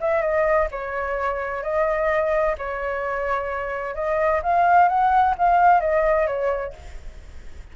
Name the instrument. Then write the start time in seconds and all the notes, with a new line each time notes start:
flute
0.00 E5
0.21 D#5
0.71 C#5
1.62 D#5
2.58 C#5
3.94 D#5
4.42 F5
4.88 F#5
5.38 F5
5.80 D#5
6.26 C#5